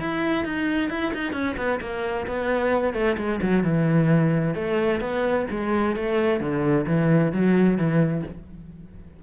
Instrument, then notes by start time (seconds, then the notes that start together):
cello
0.00 E4
0.45 D#4
0.90 E4
1.14 D#4
1.33 C#4
1.57 B3
1.81 A#3
2.27 B3
2.94 A3
3.18 G#3
3.42 F#3
3.63 E3
4.55 A3
5.01 B3
5.51 G#3
5.96 A3
6.40 D3
6.87 E3
7.32 F#3
7.78 E3